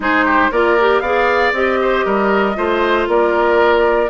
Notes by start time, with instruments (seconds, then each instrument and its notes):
0.00 bassoon G#3, clarinet D#4, oboe G#4, flute C5
0.25 oboe G4
0.51 bassoon A#3, clarinet F4, oboe A#4, flute D5
0.79 clarinet G4
1.00 bassoon B3, clarinet G#4, oboe D5, flute F5
1.52 bassoon C4, clarinet G4, flute D#5
1.81 oboe C5
2.05 bassoon G3, oboe A#4
2.55 bassoon A3, clarinet F4, oboe C5
3.07 bassoon A#3, oboe A#4, flute D5